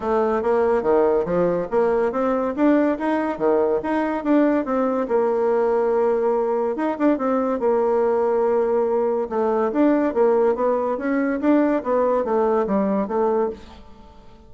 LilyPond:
\new Staff \with { instrumentName = "bassoon" } { \time 4/4 \tempo 4 = 142 a4 ais4 dis4 f4 | ais4 c'4 d'4 dis'4 | dis4 dis'4 d'4 c'4 | ais1 |
dis'8 d'8 c'4 ais2~ | ais2 a4 d'4 | ais4 b4 cis'4 d'4 | b4 a4 g4 a4 | }